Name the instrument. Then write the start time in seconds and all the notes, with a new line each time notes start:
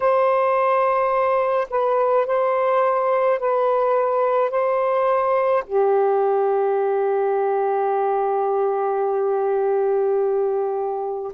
saxophone
0.00 C5
1.70 B4
2.26 C5
3.39 B4
4.50 C5
5.66 G4